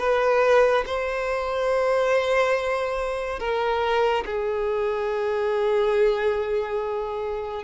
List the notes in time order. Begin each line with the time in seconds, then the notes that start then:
0.00 B4
0.86 C5
3.40 A#4
4.26 G#4